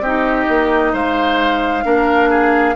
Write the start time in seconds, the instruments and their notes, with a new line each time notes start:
0.00 bassoon C4, oboe G4, flute D#5
0.06 clarinet D#4
0.49 bassoon A#3
0.93 bassoon G#3, oboe C5, flute F5
1.84 bassoon A#3, clarinet D4, oboe A#4
2.30 oboe G#4